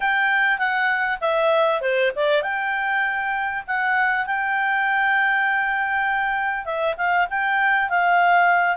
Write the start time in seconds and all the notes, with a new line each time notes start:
0.00 G5
0.58 F#5
1.20 E5
1.81 C5
2.15 D5
2.42 G5
3.67 F#5
4.26 G5
6.65 E5
6.97 F5
7.29 G5
7.89 F5